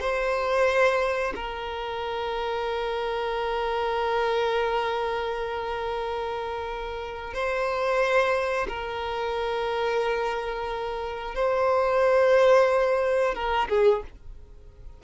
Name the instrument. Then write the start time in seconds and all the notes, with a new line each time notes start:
violin
0.00 C5
1.35 A#4
7.33 C5
8.68 A#4
11.35 C5
13.34 A#4
13.68 G#4